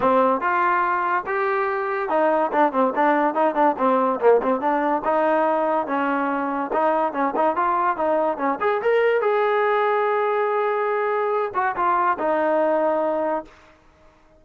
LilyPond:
\new Staff \with { instrumentName = "trombone" } { \time 4/4 \tempo 4 = 143 c'4 f'2 g'4~ | g'4 dis'4 d'8 c'8 d'4 | dis'8 d'8 c'4 ais8 c'8 d'4 | dis'2 cis'2 |
dis'4 cis'8 dis'8 f'4 dis'4 | cis'8 gis'8 ais'4 gis'2~ | gis'2.~ gis'8 fis'8 | f'4 dis'2. | }